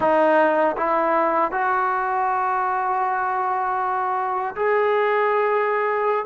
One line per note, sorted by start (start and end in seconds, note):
0.00 0.76 D#4
0.76 1.51 E4
1.51 4.55 F#4
4.55 6.25 G#4